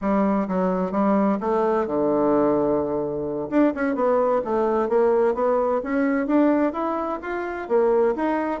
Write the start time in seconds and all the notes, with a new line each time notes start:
0.01 G3
0.48 F#3
0.91 G3
1.40 A3
1.86 D3
3.50 D4
3.74 C#4
3.95 B3
4.44 A3
4.88 A#3
5.34 B3
5.83 C#4
6.27 D4
6.73 E4
7.22 F4
7.68 A#3
8.15 D#4